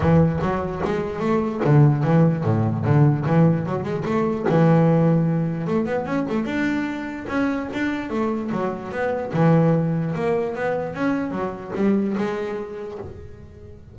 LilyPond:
\new Staff \with { instrumentName = "double bass" } { \time 4/4 \tempo 4 = 148 e4 fis4 gis4 a4 | d4 e4 a,4 d4 | e4 fis8 gis8 a4 e4~ | e2 a8 b8 cis'8 a8 |
d'2 cis'4 d'4 | a4 fis4 b4 e4~ | e4 ais4 b4 cis'4 | fis4 g4 gis2 | }